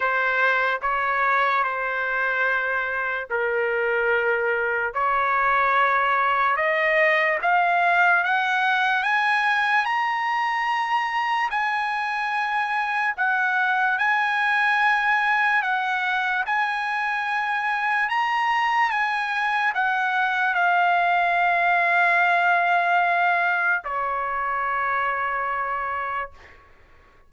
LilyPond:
\new Staff \with { instrumentName = "trumpet" } { \time 4/4 \tempo 4 = 73 c''4 cis''4 c''2 | ais'2 cis''2 | dis''4 f''4 fis''4 gis''4 | ais''2 gis''2 |
fis''4 gis''2 fis''4 | gis''2 ais''4 gis''4 | fis''4 f''2.~ | f''4 cis''2. | }